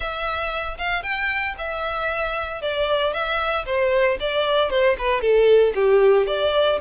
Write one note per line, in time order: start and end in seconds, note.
0.00 0.77 E5
0.78 1.02 F5
1.02 1.55 G5
1.58 2.61 E5
2.61 3.13 D5
3.13 3.65 E5
3.65 4.17 C5
4.20 4.70 D5
4.70 4.96 C5
4.98 5.21 B4
5.21 5.73 A4
5.75 6.27 G4
6.27 6.79 D5